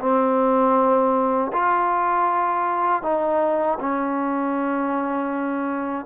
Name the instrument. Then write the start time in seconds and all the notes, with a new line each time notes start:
trombone
0.00 C4
1.53 F4
3.03 D#4
3.80 C#4